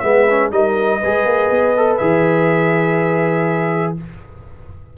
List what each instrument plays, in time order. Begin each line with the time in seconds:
0.00 tuba G#3, trombone B3, horn B4, trumpet E5
0.30 trombone C#4
0.52 tuba G3, trombone D#4, horn A#4, trumpet D#5
1.00 tuba G#3, trombone G#4, horn B4
1.25 tuba A#3
1.50 tuba B3
1.77 trombone A4
1.97 tuba E3, trombone G#4, trumpet E5